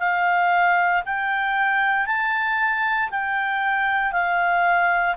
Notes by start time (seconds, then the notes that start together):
0.00 F5
1.06 G5
2.07 A5
3.11 G5
4.13 F5